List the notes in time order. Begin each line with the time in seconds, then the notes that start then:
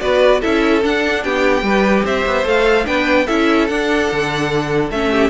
0.00 B3 F#4 B4 D5
0.40 C#4 E4 A4 E5
0.82 D4 F#5
1.23 B3 G4 G5
1.62 G3 G4 B4
2.04 C4 C5 E5
2.26 B3
2.44 A3 A4 F5
2.84 B3 D4 B4 G5
3.25 C#4 E4 A4 E5
3.67 D4 F#5
4.11 D3
4.91 A3 C#4 E5
5.11 G4